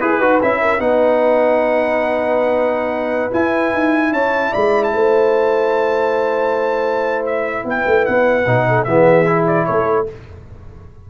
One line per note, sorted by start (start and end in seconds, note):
0.00 0.20 E4
0.00 0.09 G#4
0.00 0.21 G#4
0.00 0.41 B4
0.09 0.60 B4
0.20 0.41 D#4
0.20 0.41 F#4
0.42 0.79 C#4
0.42 0.80 E4
0.42 0.80 E5
0.61 0.81 A#4
0.79 3.31 B3
0.79 3.31 D#4
0.79 4.13 B4
0.79 3.32 F#5
3.31 8.44 E4
3.31 3.73 E4
3.31 4.13 G#5
3.73 4.11 D#4
4.11 4.52 C#4
4.11 4.51 C#5
4.11 4.53 A5
4.51 4.93 G#3
4.51 4.91 D5
4.51 4.84 B5
4.84 7.25 A5
4.93 7.64 A3
4.93 7.65 C5
7.25 7.66 E5
7.64 7.84 B3
7.64 8.67 B4
7.64 8.05 G5
7.86 8.06 A3
8.05 8.46 B3
8.05 8.84 F#5
8.46 8.87 B2
8.46 8.86 D#4
8.67 8.87 A4
8.84 9.67 E3
8.84 9.25 B3
8.84 9.66 G#4
8.84 9.44 E5
9.25 10.06 E4
9.46 9.66 D5
9.66 10.10 A3
9.66 10.07 A4
9.66 10.06 C#5